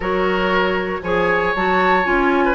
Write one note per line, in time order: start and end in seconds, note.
0.00 0.99 F#3
0.00 1.03 F#4
0.00 1.00 A#4
0.00 1.02 C#5
1.02 1.53 F3
1.02 1.55 G#4
1.02 2.44 C#5
1.02 1.53 G#5
1.55 2.06 F#3
1.55 2.04 F#4
1.55 2.06 A5
2.04 2.55 C#4
2.04 2.55 F4
2.04 2.55 G#5
2.44 2.55 B4